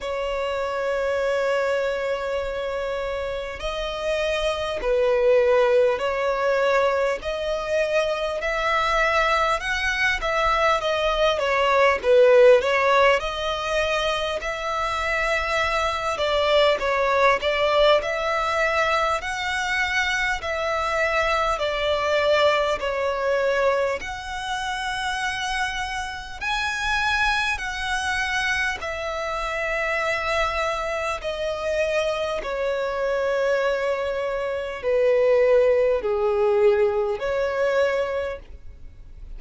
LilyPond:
\new Staff \with { instrumentName = "violin" } { \time 4/4 \tempo 4 = 50 cis''2. dis''4 | b'4 cis''4 dis''4 e''4 | fis''8 e''8 dis''8 cis''8 b'8 cis''8 dis''4 | e''4. d''8 cis''8 d''8 e''4 |
fis''4 e''4 d''4 cis''4 | fis''2 gis''4 fis''4 | e''2 dis''4 cis''4~ | cis''4 b'4 gis'4 cis''4 | }